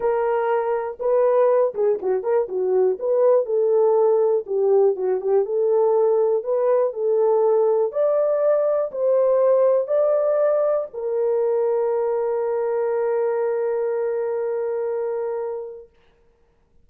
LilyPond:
\new Staff \with { instrumentName = "horn" } { \time 4/4 \tempo 4 = 121 ais'2 b'4. gis'8 | fis'8 ais'8 fis'4 b'4 a'4~ | a'4 g'4 fis'8 g'8 a'4~ | a'4 b'4 a'2 |
d''2 c''2 | d''2 ais'2~ | ais'1~ | ais'1 | }